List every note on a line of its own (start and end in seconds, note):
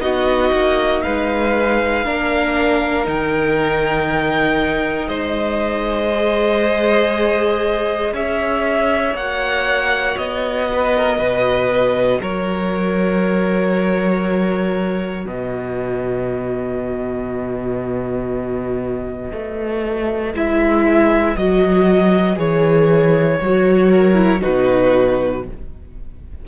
0.00 0.51 B3
0.00 2.04 D#4
0.00 1.03 F#4
0.00 1.02 D#5
0.52 1.03 A#3
1.02 2.06 G#3
1.02 2.04 B4
1.02 3.06 F5
2.04 3.07 A#3
2.04 3.04 D4
2.04 5.08 A#4
3.04 5.07 D#3
3.04 6.09 D#4
3.04 5.08 G5
5.07 8.12 G#3
5.07 8.13 C5
5.07 8.13 D#5
6.14 9.15 G#4
8.12 9.14 C#4
8.12 10.68 C#5
8.12 9.16 E5
9.14 10.15 A#3
9.14 20.33 F#4
9.14 10.18 F#5
10.18 11.19 B3
10.18 12.21 D#5
10.73 10.97 B4
10.97 11.18 A#4
11.18 12.20 B2
11.18 12.19 B4
12.21 15.25 F#3
12.21 15.26 A#4
12.21 15.26 C#5
15.25 19.32 B2
15.25 23.91 B4
15.25 20.35 D#5
19.32 20.34 A3
20.34 21.35 G#3
20.34 21.37 E4
20.34 21.37 E5
21.37 22.37 F#3
21.37 22.36 F#4
21.37 22.38 D#5
22.36 23.39 E3
22.36 23.38 G#4
22.36 24.42 C#5
23.42 24.43 F#3
23.42 24.14 F#4
23.91 24.42 A#4
24.14 24.40 E4
24.41 25.47 B2
24.41 25.43 D#4
24.41 25.43 F#4
24.41 25.44 B4